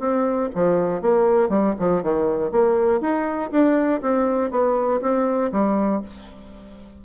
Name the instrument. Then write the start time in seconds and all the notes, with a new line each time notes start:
bassoon
0.00 C4
0.55 F3
1.02 A#3
1.50 G3
1.79 F3
2.03 D#3
2.52 A#3
3.01 D#4
3.52 D4
4.02 C4
4.51 B3
5.02 C4
5.52 G3